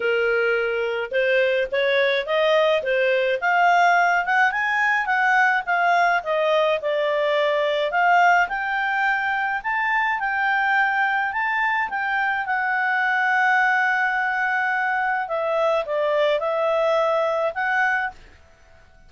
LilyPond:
\new Staff \with { instrumentName = "clarinet" } { \time 4/4 \tempo 4 = 106 ais'2 c''4 cis''4 | dis''4 c''4 f''4. fis''8 | gis''4 fis''4 f''4 dis''4 | d''2 f''4 g''4~ |
g''4 a''4 g''2 | a''4 g''4 fis''2~ | fis''2. e''4 | d''4 e''2 fis''4 | }